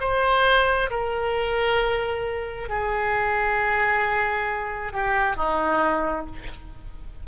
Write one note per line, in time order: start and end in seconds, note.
0.00 0.90 C5
0.90 2.69 A#4
2.69 4.93 G#4
4.93 5.36 G4
5.36 6.26 D#4